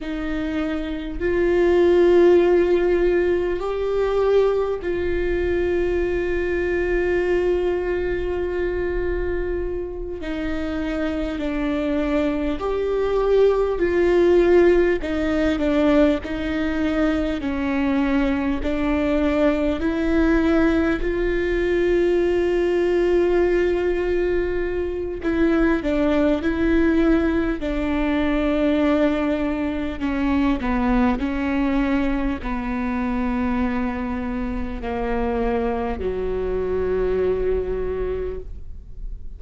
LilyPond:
\new Staff \with { instrumentName = "viola" } { \time 4/4 \tempo 4 = 50 dis'4 f'2 g'4 | f'1~ | f'8 dis'4 d'4 g'4 f'8~ | f'8 dis'8 d'8 dis'4 cis'4 d'8~ |
d'8 e'4 f'2~ f'8~ | f'4 e'8 d'8 e'4 d'4~ | d'4 cis'8 b8 cis'4 b4~ | b4 ais4 fis2 | }